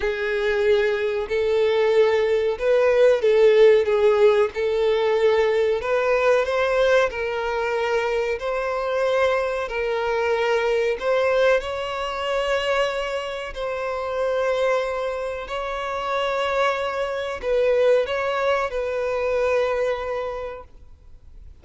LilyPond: \new Staff \with { instrumentName = "violin" } { \time 4/4 \tempo 4 = 93 gis'2 a'2 | b'4 a'4 gis'4 a'4~ | a'4 b'4 c''4 ais'4~ | ais'4 c''2 ais'4~ |
ais'4 c''4 cis''2~ | cis''4 c''2. | cis''2. b'4 | cis''4 b'2. | }